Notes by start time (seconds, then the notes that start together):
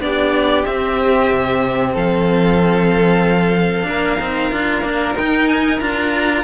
0.00 B3 D4 G4 D5
0.65 C4 E5
1.31 C3
1.94 F3 A4 F5
3.84 A#3 D4 A#4
4.20 C4 D#4
4.52 D4 F4
4.83 A#3 D4
5.15 D#4 G5
5.48 G#5
5.80 D4 F4 A#5